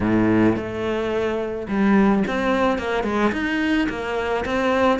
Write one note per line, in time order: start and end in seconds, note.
0.00 0.56 A2
0.56 1.67 A3
1.67 2.23 G3
2.27 2.78 C4
2.78 3.03 A#3
3.03 3.31 G#3
3.32 3.88 D#4
3.89 4.44 A#3
4.45 4.99 C4